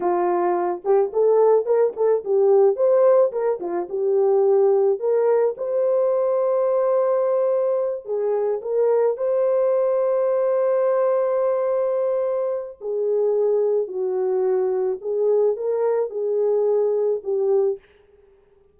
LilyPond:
\new Staff \with { instrumentName = "horn" } { \time 4/4 \tempo 4 = 108 f'4. g'8 a'4 ais'8 a'8 | g'4 c''4 ais'8 f'8 g'4~ | g'4 ais'4 c''2~ | c''2~ c''8 gis'4 ais'8~ |
ais'8 c''2.~ c''8~ | c''2. gis'4~ | gis'4 fis'2 gis'4 | ais'4 gis'2 g'4 | }